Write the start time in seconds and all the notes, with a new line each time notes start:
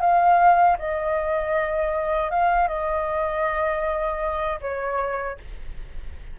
0.00 F5
0.79 D#5
2.30 F5
2.67 D#5
4.61 C#5